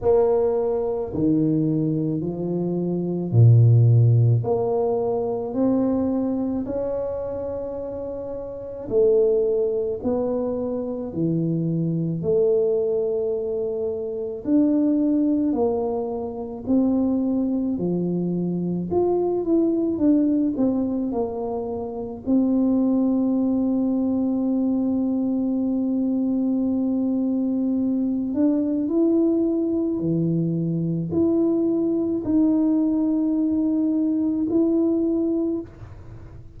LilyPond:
\new Staff \with { instrumentName = "tuba" } { \time 4/4 \tempo 4 = 54 ais4 dis4 f4 ais,4 | ais4 c'4 cis'2 | a4 b4 e4 a4~ | a4 d'4 ais4 c'4 |
f4 f'8 e'8 d'8 c'8 ais4 | c'1~ | c'4. d'8 e'4 e4 | e'4 dis'2 e'4 | }